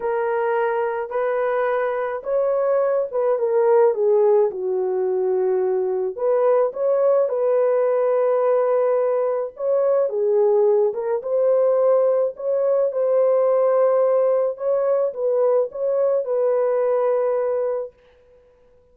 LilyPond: \new Staff \with { instrumentName = "horn" } { \time 4/4 \tempo 4 = 107 ais'2 b'2 | cis''4. b'8 ais'4 gis'4 | fis'2. b'4 | cis''4 b'2.~ |
b'4 cis''4 gis'4. ais'8 | c''2 cis''4 c''4~ | c''2 cis''4 b'4 | cis''4 b'2. | }